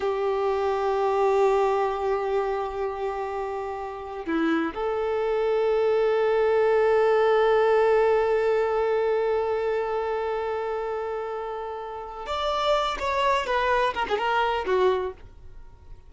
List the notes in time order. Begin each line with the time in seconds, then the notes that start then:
0.00 G4
4.25 E4
4.74 A4
12.26 D5
12.99 C#5
13.46 B4
13.94 A#4
14.09 G#4
14.18 A#4
14.66 F#4